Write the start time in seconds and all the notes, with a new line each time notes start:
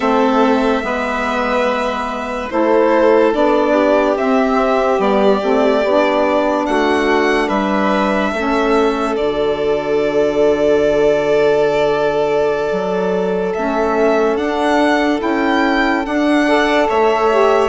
0.00 A3 C4 A4 E5
0.82 G#3 B3 B4
2.50 A3 E4 A4 C5
3.32 B3 D4 D5
3.73 G4
4.15 C4 E5
4.98 G3 B3 D5
5.42 A3 C4
5.84 B3 D4
6.66 A3 F#4 F#5
7.47 G3 B4 E5
8.33 A3 C#4 A4
9.15 D3 F#4 D5
12.71 F#3
13.54 A3 C#4 E5
14.36 D4 F#5
15.19 C#4 E4 G5
16.03 D4 F#5
16.45 A4 D5
16.88 A3 C#5 E5
17.30 G4